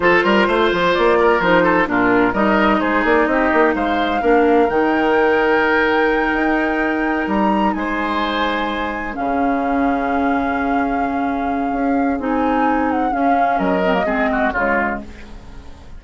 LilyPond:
<<
  \new Staff \with { instrumentName = "flute" } { \time 4/4 \tempo 4 = 128 c''2 d''4 c''4 | ais'4 dis''4 c''8 d''8 dis''4 | f''2 g''2~ | g''2.~ g''8 ais''8~ |
ais''8 gis''2. f''8~ | f''1~ | f''2 gis''4. fis''8 | f''4 dis''2 cis''4 | }
  \new Staff \with { instrumentName = "oboe" } { \time 4/4 a'8 ais'8 c''4. ais'4 a'8 | f'4 ais'4 gis'4 g'4 | c''4 ais'2.~ | ais'1~ |
ais'8 c''2. gis'8~ | gis'1~ | gis'1~ | gis'4 ais'4 gis'8 fis'8 f'4 | }
  \new Staff \with { instrumentName = "clarinet" } { \time 4/4 f'2. dis'4 | d'4 dis'2.~ | dis'4 d'4 dis'2~ | dis'1~ |
dis'2.~ dis'8 cis'8~ | cis'1~ | cis'2 dis'2 | cis'4. c'16 ais16 c'4 gis4 | }
  \new Staff \with { instrumentName = "bassoon" } { \time 4/4 f8 g8 a8 f8 ais4 f4 | ais,4 g4 gis8 ais8 c'8 ais8 | gis4 ais4 dis2~ | dis4. dis'2 g8~ |
g8 gis2. cis8~ | cis1~ | cis4 cis'4 c'2 | cis'4 fis4 gis4 cis4 | }
>>